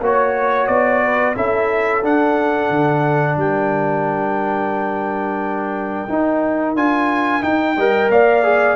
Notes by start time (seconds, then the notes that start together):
0.00 A#3 F#4 C#5
0.67 B3 D5
1.03 B4
1.35 C#4 E4 A4 E5
2.03 D4 F#5
2.70 D3
3.37 G3 A#4 G5
6.09 D#4
6.75 D4 F4 G#5
7.41 D#4 G5
7.75 G3 A#4 D#5
8.09 A#3 D5 F5
8.43 G#4